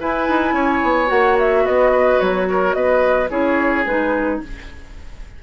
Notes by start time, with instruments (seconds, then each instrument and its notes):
0.00 clarinet E4, bassoon E4, oboe B4, flute G#5
0.28 bassoon D#4
0.53 bassoon C#4, oboe C#5
0.83 bassoon B3
1.06 bassoon A#3, clarinet F#4, flute F#5
1.39 flute E5
1.63 oboe B3, bassoon B3, flute D#5
1.92 oboe B4
2.20 bassoon F#3, flute C#5
2.50 oboe A#4
2.74 bassoon B3, oboe B4, flute D#5
3.30 bassoon C#4, clarinet E4, oboe G#4, flute C#5
3.86 bassoon G#3, clarinet D#4, flute B4